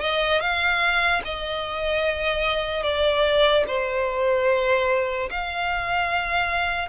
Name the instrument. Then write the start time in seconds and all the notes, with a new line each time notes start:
violin
0.00 D#5
0.41 F5
1.24 D#5
2.83 D5
3.67 C5
5.30 F5